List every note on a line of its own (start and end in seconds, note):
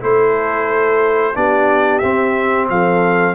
0.00 1.35 A3
0.00 1.33 E4
0.00 1.35 A4
0.00 1.35 C5
1.35 2.02 B3
1.35 2.01 D4
1.35 2.68 G4
1.35 1.98 D5
1.98 2.69 C4
1.98 3.34 C4
1.98 2.65 E5
2.69 3.34 F3
2.69 3.34 A4
2.69 3.34 F5